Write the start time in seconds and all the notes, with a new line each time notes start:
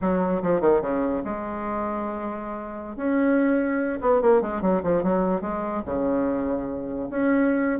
0.01 F#3
0.42 F3
0.60 D#3
0.81 C#3
1.24 G#3
2.96 C#4
4.01 B3
4.21 A#3
4.41 G#3
4.61 F#3
4.83 F3
5.03 F#3
5.41 G#3
5.85 C#3
7.10 C#4